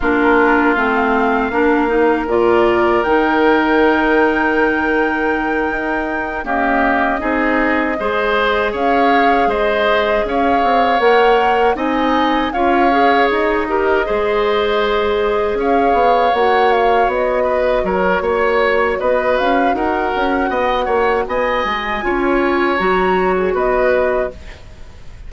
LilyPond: <<
  \new Staff \with { instrumentName = "flute" } { \time 4/4 \tempo 4 = 79 ais'4 f''2 d''4 | g''1~ | g''8 dis''2. f''8~ | f''8 dis''4 f''4 fis''4 gis''8~ |
gis''8 f''4 dis''2~ dis''8~ | dis''8 f''4 fis''8 f''8 dis''4 cis''8~ | cis''4 dis''8 f''8 fis''2 | gis''2 ais''8. gis'16 dis''4 | }
  \new Staff \with { instrumentName = "oboe" } { \time 4/4 f'2 ais'2~ | ais'1~ | ais'8 g'4 gis'4 c''4 cis''8~ | cis''8 c''4 cis''2 dis''8~ |
dis''8 cis''4. ais'8 c''4.~ | c''8 cis''2~ cis''8 b'8 ais'8 | cis''4 b'4 ais'4 dis''8 cis''8 | dis''4 cis''2 b'4 | }
  \new Staff \with { instrumentName = "clarinet" } { \time 4/4 d'4 c'4 d'8 dis'8 f'4 | dis'1~ | dis'8 ais4 dis'4 gis'4.~ | gis'2~ gis'8 ais'4 dis'8~ |
dis'8 f'8 gis'4 g'8 gis'4.~ | gis'4. fis'2~ fis'8~ | fis'1~ | fis'4 f'4 fis'2 | }
  \new Staff \with { instrumentName = "bassoon" } { \time 4/4 ais4 a4 ais4 ais,4 | dis2.~ dis8 dis'8~ | dis'8 cis'4 c'4 gis4 cis'8~ | cis'8 gis4 cis'8 c'8 ais4 c'8~ |
c'8 cis'4 dis'4 gis4.~ | gis8 cis'8 b8 ais4 b4 fis8 | ais4 b8 cis'8 dis'8 cis'8 b8 ais8 | b8 gis8 cis'4 fis4 b4 | }
>>